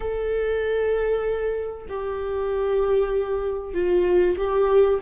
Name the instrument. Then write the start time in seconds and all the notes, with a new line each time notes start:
viola
0.00 A4
1.89 G4
3.74 F4
4.37 G4